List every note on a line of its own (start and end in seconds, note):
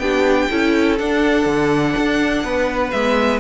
0.00 0.49 B3
0.00 0.51 D4
0.00 0.51 G4
0.00 0.98 G5
0.51 1.00 C#4
0.51 1.00 E4
0.51 2.45 A4
0.99 2.94 D4
0.99 1.46 D4
0.99 2.91 F#5
1.46 1.95 D3
1.97 2.44 D4
2.44 2.93 B3
2.44 3.40 B4
2.91 3.40 G#3
2.91 3.40 B3
2.91 3.40 E5